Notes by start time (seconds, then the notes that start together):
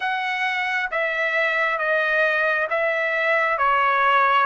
0.00 F#5
0.91 E5
1.78 D#5
2.69 E5
3.57 C#5